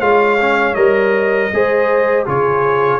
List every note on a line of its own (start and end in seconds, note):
0.00 0.75 G#3
0.00 0.38 F4
0.00 1.50 C#5
0.00 0.74 F5
0.40 0.75 C#4
0.74 1.51 G3
0.74 1.50 A#4
0.74 2.24 D#5
1.53 2.27 G#3
1.53 2.26 G#4
1.53 2.25 C5
2.25 3.00 C#3
2.25 3.00 F4
2.25 3.00 G#4
2.25 3.00 C#5